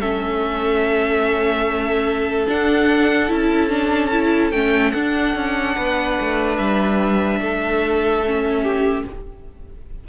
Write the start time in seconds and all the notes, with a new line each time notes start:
0.00 A3 C#4 A4 E5
2.47 D4 F#5
3.28 C#4 E4 A5
3.69 D4
4.12 E4
4.51 A3 C#4 G5
4.91 D4 F#5
5.35 C#4
5.75 B3 B4
6.20 A3
6.57 G3 E5
7.39 A3 A4
8.26 C#4
8.62 G4